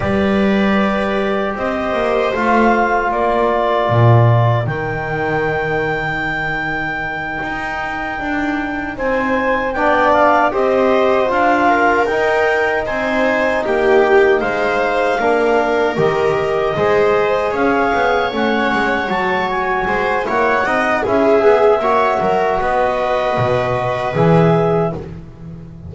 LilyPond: <<
  \new Staff \with { instrumentName = "clarinet" } { \time 4/4 \tempo 4 = 77 d''2 dis''4 f''4 | d''2 g''2~ | g''2.~ g''8 gis''8~ | gis''8 g''8 f''8 dis''4 f''4 g''8~ |
g''8 gis''4 g''4 f''4.~ | f''8 dis''2 f''4 fis''8~ | fis''8 a''8 gis''4 fis''4 e''4~ | e''4 dis''2 e''4 | }
  \new Staff \with { instrumentName = "viola" } { \time 4/4 b'2 c''2 | ais'1~ | ais'2.~ ais'8 c''8~ | c''8 d''4 c''4. ais'4~ |
ais'8 c''4 g'4 c''4 ais'8~ | ais'4. c''4 cis''4.~ | cis''4. c''8 cis''8 dis''8 gis'4 | cis''8 ais'8 b'2. | }
  \new Staff \with { instrumentName = "trombone" } { \time 4/4 g'2. f'4~ | f'2 dis'2~ | dis'1~ | dis'8 d'4 g'4 f'4 dis'8~ |
dis'2.~ dis'8 d'8~ | d'8 g'4 gis'2 cis'8~ | cis'8 fis'4. e'8 dis'8 e'8 gis'8 | fis'2. gis'4 | }
  \new Staff \with { instrumentName = "double bass" } { \time 4/4 g2 c'8 ais8 a4 | ais4 ais,4 dis2~ | dis4. dis'4 d'4 c'8~ | c'8 b4 c'4 d'4 dis'8~ |
dis'8 c'4 ais4 gis4 ais8~ | ais8 dis4 gis4 cis'8 b8 a8 | gis8 fis4 gis8 ais8 c'8 cis'8 b8 | ais8 fis8 b4 b,4 e4 | }
>>